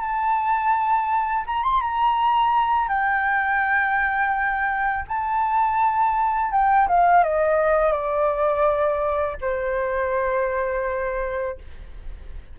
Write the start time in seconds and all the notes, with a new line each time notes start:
0.00 A5
1.46 A#5
1.63 C6
1.81 A#5
2.88 G5
5.08 A5
6.52 G5
6.88 F5
7.24 D#5
7.92 D5
9.41 C5